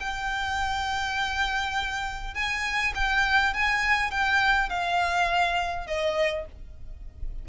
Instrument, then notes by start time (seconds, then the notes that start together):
violin
0.00 G5
2.34 G#5
2.95 G5
3.53 G#5
4.11 G5
4.69 F5
5.87 D#5